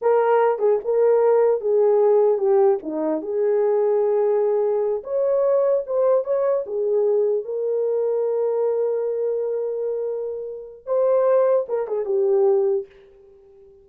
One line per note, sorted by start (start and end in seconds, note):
0.01 0.59 A#4
0.59 0.79 G#4
0.84 1.60 A#4
1.60 2.37 G#4
2.37 2.78 G4
2.82 3.21 D#4
3.21 5.02 G#4
5.03 5.84 C#5
5.86 6.24 C5
6.24 6.64 C#5
6.66 7.44 G#4
7.44 10.85 A#4
10.85 11.66 C5
11.68 11.87 A#4
11.87 12.05 G#4
12.05 12.85 G4